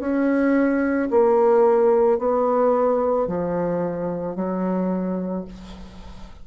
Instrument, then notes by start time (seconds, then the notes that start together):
bassoon
0.00 C#4
1.11 A#3
2.18 B3
3.27 F3
4.36 F#3